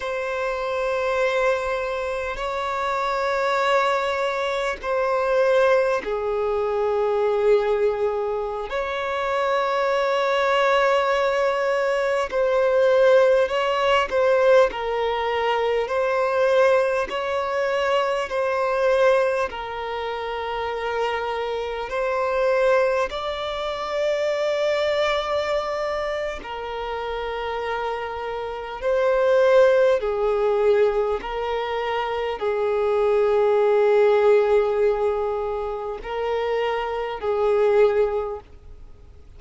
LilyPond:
\new Staff \with { instrumentName = "violin" } { \time 4/4 \tempo 4 = 50 c''2 cis''2 | c''4 gis'2~ gis'16 cis''8.~ | cis''2~ cis''16 c''4 cis''8 c''16~ | c''16 ais'4 c''4 cis''4 c''8.~ |
c''16 ais'2 c''4 d''8.~ | d''2 ais'2 | c''4 gis'4 ais'4 gis'4~ | gis'2 ais'4 gis'4 | }